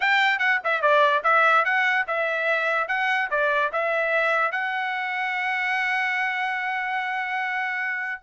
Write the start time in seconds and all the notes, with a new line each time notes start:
0.00 G5
0.38 F#5
0.64 E5
0.81 D5
1.23 E5
1.64 F#5
2.07 E5
2.88 F#5
3.30 D5
3.72 E5
4.51 F#5